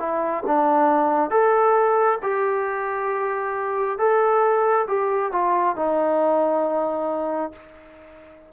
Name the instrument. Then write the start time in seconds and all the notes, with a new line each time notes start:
trombone
0.00 E4
0.47 D4
1.31 A4
2.23 G4
3.99 A4
4.88 G4
5.32 F4
5.76 D#4